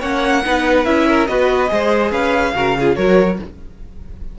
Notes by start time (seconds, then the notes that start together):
0.00 A#3 C#4 C#5 F#5
0.45 B3 D#4 B4
0.85 C#4 E4 E5
1.08 A#4
1.27 B3 F#4 B4 D#5
1.68 G#3 G#4 C5
2.11 C#4 B4 F5
2.55 C#3 F#4 A#4
2.78 F4 G#4
2.96 F#3 F#4 A#4 C#5